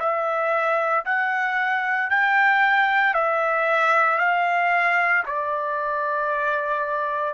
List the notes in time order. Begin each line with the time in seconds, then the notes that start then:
0.00 E5
1.05 F#5
2.11 G5
3.14 E5
4.19 F5
5.26 D5